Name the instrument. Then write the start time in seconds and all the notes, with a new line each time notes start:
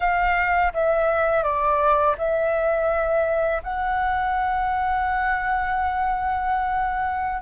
flute
0.00 F5
0.73 E5
1.43 D5
2.18 E5
3.63 F#5